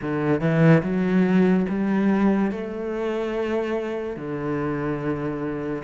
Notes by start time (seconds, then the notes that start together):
0.01 D3
0.41 E3
0.82 F#3
1.69 G3
2.51 A3
4.16 D3